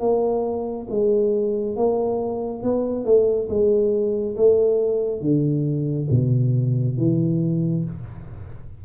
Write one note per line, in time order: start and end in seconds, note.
0.00 0.87 A#3
0.90 1.76 G#3
1.76 2.63 A#3
2.63 3.05 B3
3.05 3.49 A3
3.49 4.36 G#3
4.36 5.21 A3
5.21 6.08 D3
6.10 6.97 B2
6.98 7.85 E3